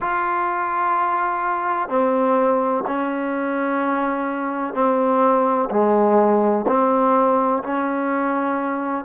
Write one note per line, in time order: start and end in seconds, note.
0.00 1.88 F4
1.88 2.84 C4
2.86 4.74 C#4
4.74 5.69 C4
5.70 6.65 G#3
6.67 7.62 C4
7.63 9.05 C#4